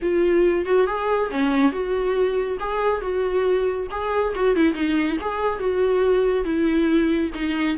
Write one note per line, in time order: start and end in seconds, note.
0.02 0.65 F4
0.65 0.87 F#4
0.87 1.30 G#4
1.30 1.71 C#4
1.71 2.58 F#4
2.59 3.01 G#4
3.01 3.87 F#4
3.90 4.34 G#4
4.35 4.55 F#4
4.55 4.73 E4
4.73 5.17 D#4
5.20 5.59 G#4
5.59 6.44 F#4
6.44 7.30 E4
7.34 7.77 D#4